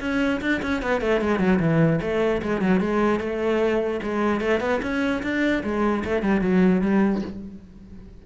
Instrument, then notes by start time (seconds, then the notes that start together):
cello
0.00 C#4
0.41 D4
0.62 C#4
0.82 B3
1.01 A3
1.21 G#3
1.39 F#3
1.59 E3
2.01 A3
2.42 G#3
2.61 F#3
2.80 G#3
3.20 A3
4.02 G#3
4.40 A3
4.60 B3
4.82 C#4
5.22 D4
5.63 G#3
6.04 A3
6.22 G3
6.41 F#3
6.81 G3